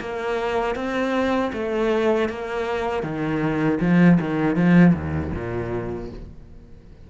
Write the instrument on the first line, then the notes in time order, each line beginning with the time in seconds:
cello
0.00 A#3
0.75 C4
1.53 A3
2.29 A#3
3.03 D#3
3.80 F3
4.20 D#3
4.56 F3
4.94 D#2
5.34 A#2